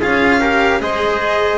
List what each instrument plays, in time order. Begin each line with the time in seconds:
0.00 double bass C#4, cello F4, trumpet G#4, violin F5
0.40 cello G4, trumpet A#4
0.80 double bass G#3, cello G#4, trumpet C5, violin D#5